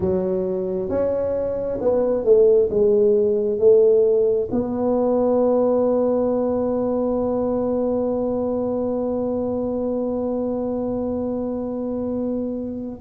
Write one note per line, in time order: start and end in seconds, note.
0.00 0.89 F#3
0.89 1.78 C#4
1.80 2.24 B3
2.24 2.69 A3
2.69 3.58 G#3
3.58 4.48 A3
4.51 13.01 B3